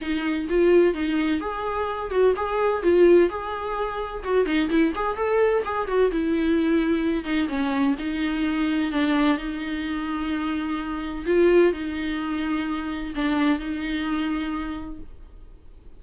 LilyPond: \new Staff \with { instrumentName = "viola" } { \time 4/4 \tempo 4 = 128 dis'4 f'4 dis'4 gis'4~ | gis'8 fis'8 gis'4 f'4 gis'4~ | gis'4 fis'8 dis'8 e'8 gis'8 a'4 | gis'8 fis'8 e'2~ e'8 dis'8 |
cis'4 dis'2 d'4 | dis'1 | f'4 dis'2. | d'4 dis'2. | }